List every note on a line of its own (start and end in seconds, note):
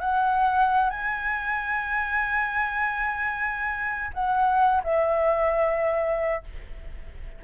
0.00 0.90 F#5
0.90 4.11 G#5
4.14 4.82 F#5
4.84 6.44 E5